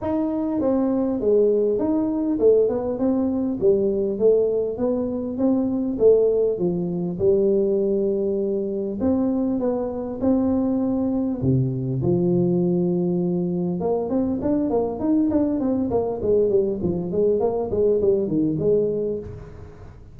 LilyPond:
\new Staff \with { instrumentName = "tuba" } { \time 4/4 \tempo 4 = 100 dis'4 c'4 gis4 dis'4 | a8 b8 c'4 g4 a4 | b4 c'4 a4 f4 | g2. c'4 |
b4 c'2 c4 | f2. ais8 c'8 | d'8 ais8 dis'8 d'8 c'8 ais8 gis8 g8 | f8 gis8 ais8 gis8 g8 dis8 gis4 | }